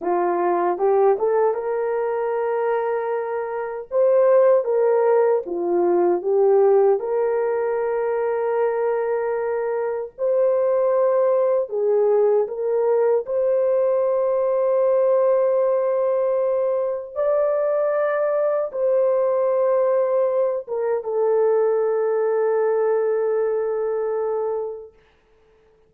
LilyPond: \new Staff \with { instrumentName = "horn" } { \time 4/4 \tempo 4 = 77 f'4 g'8 a'8 ais'2~ | ais'4 c''4 ais'4 f'4 | g'4 ais'2.~ | ais'4 c''2 gis'4 |
ais'4 c''2.~ | c''2 d''2 | c''2~ c''8 ais'8 a'4~ | a'1 | }